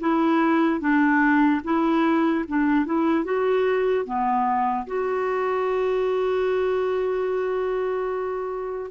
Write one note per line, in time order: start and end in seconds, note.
0.00 0.80 E4
0.80 1.61 D4
1.64 2.45 E4
2.48 2.86 D4
2.86 3.24 E4
3.24 4.05 F#4
4.05 4.86 B3
4.87 8.91 F#4